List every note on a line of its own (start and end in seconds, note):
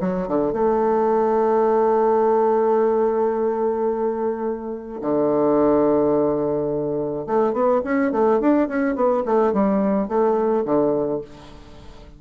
0.00 0.28 F#3
0.28 0.52 D3
0.52 5.01 A3
5.01 7.25 D3
7.26 7.53 A3
7.53 7.81 B3
7.84 8.12 C#4
8.12 8.40 A3
8.40 8.68 D4
8.68 8.95 C#4
8.95 9.23 B3
9.25 9.53 A3
9.53 10.08 G3
10.08 10.64 A3
10.65 11.21 D3